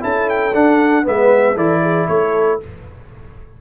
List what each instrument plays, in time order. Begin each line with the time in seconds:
0.00 tuba C#4, trombone E4, horn A4, trumpet A5
0.29 trumpet G5
0.54 trombone D4, tuba D4, trumpet F#5
1.04 tuba G#3, trombone B3, horn B4, trumpet E5
1.55 tuba E3, trombone E4, horn A4, trumpet D5
1.82 horn G#4
2.08 tuba A3, horn A4, trumpet C#5